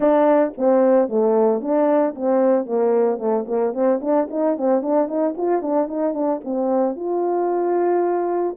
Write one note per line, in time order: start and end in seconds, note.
0.00 0.52 D4
0.57 1.08 C4
1.08 1.60 A3
1.60 2.14 D4
2.15 2.65 C4
2.65 3.18 A#3
3.18 3.45 A3
3.47 3.73 A#3
3.73 4.00 C4
4.01 4.28 D4
4.30 4.57 D#4
4.57 4.82 C4
4.82 5.08 D4
5.08 5.34 D#4
5.37 5.62 F4
5.62 5.87 D4
5.87 6.14 D#4
6.14 6.40 D4
6.44 6.96 C4
6.96 8.56 F4